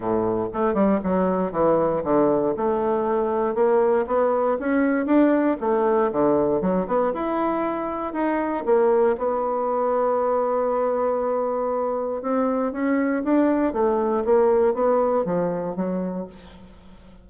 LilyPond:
\new Staff \with { instrumentName = "bassoon" } { \time 4/4 \tempo 4 = 118 a,4 a8 g8 fis4 e4 | d4 a2 ais4 | b4 cis'4 d'4 a4 | d4 fis8 b8 e'2 |
dis'4 ais4 b2~ | b1 | c'4 cis'4 d'4 a4 | ais4 b4 f4 fis4 | }